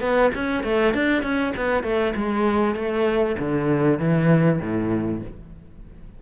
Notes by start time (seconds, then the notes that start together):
0.00 B3
0.34 C#4
0.63 A3
0.94 D4
1.22 C#4
1.56 B3
1.83 A3
2.15 G#3
2.75 A3
3.38 D3
3.99 E3
4.60 A2